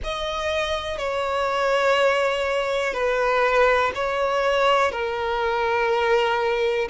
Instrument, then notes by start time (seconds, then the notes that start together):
violin
0.03 D#5
0.98 C#5
2.93 B4
3.94 C#5
4.91 A#4